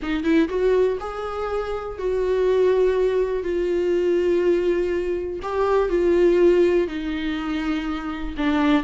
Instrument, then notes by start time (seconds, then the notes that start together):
viola
0.02 D#4
0.23 E4
0.48 F#4
1.00 G#4
1.98 F#4
3.43 F4
5.42 G4
5.89 F4
6.87 D#4
8.37 D4